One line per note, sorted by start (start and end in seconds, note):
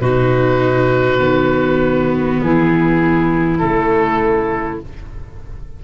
0.00 1.19 B2
0.00 1.18 D#4
0.00 2.41 F#4
0.00 2.40 B4
1.18 2.39 D#3
1.18 3.58 B3
2.42 3.62 E3
2.42 4.84 E4
2.42 3.58 G#4
3.58 4.82 C#3
3.58 4.80 A3
3.58 4.78 A4